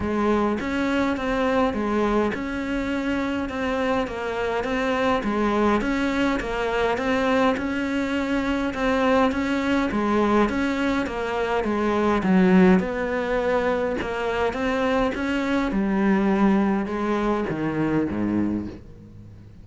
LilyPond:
\new Staff \with { instrumentName = "cello" } { \time 4/4 \tempo 4 = 103 gis4 cis'4 c'4 gis4 | cis'2 c'4 ais4 | c'4 gis4 cis'4 ais4 | c'4 cis'2 c'4 |
cis'4 gis4 cis'4 ais4 | gis4 fis4 b2 | ais4 c'4 cis'4 g4~ | g4 gis4 dis4 gis,4 | }